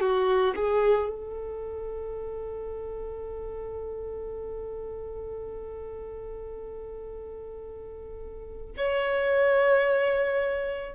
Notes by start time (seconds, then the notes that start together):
0.00 F#4
0.56 G#4
1.09 A4
8.77 C#5